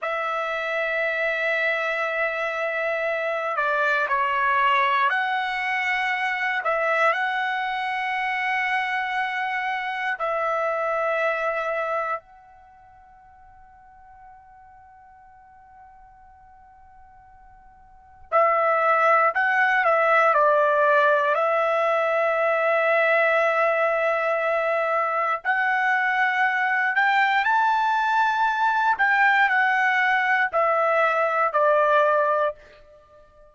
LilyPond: \new Staff \with { instrumentName = "trumpet" } { \time 4/4 \tempo 4 = 59 e''2.~ e''8 d''8 | cis''4 fis''4. e''8 fis''4~ | fis''2 e''2 | fis''1~ |
fis''2 e''4 fis''8 e''8 | d''4 e''2.~ | e''4 fis''4. g''8 a''4~ | a''8 g''8 fis''4 e''4 d''4 | }